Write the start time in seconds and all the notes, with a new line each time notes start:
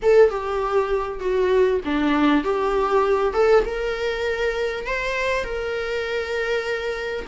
0.02 A4
0.29 G4
1.20 F#4
1.84 D4
2.44 G4
3.33 A4
3.65 A#4
4.86 C5
5.44 A#4